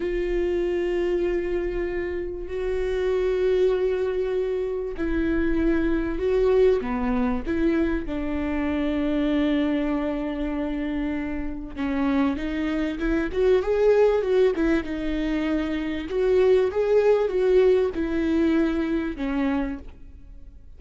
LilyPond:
\new Staff \with { instrumentName = "viola" } { \time 4/4 \tempo 4 = 97 f'1 | fis'1 | e'2 fis'4 b4 | e'4 d'2.~ |
d'2. cis'4 | dis'4 e'8 fis'8 gis'4 fis'8 e'8 | dis'2 fis'4 gis'4 | fis'4 e'2 cis'4 | }